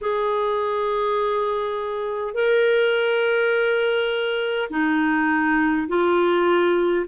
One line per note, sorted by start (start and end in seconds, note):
0.01 2.34 G#4
2.34 4.69 A#4
4.70 5.87 D#4
5.88 7.05 F4